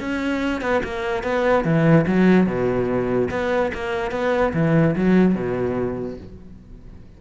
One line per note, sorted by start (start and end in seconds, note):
0.00 0.61 C#4
0.61 0.82 B3
0.84 1.23 A#3
1.23 1.65 B3
1.65 2.06 E3
2.07 2.46 F#3
2.46 3.29 B2
3.30 3.72 B3
3.74 4.12 A#3
4.12 4.53 B3
4.54 4.95 E3
4.96 5.35 F#3
5.35 6.18 B2